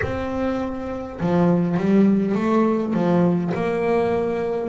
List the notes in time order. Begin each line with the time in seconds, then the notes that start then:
0.02 C4
1.20 F3
1.77 G3
2.34 A3
2.93 F3
3.54 A#3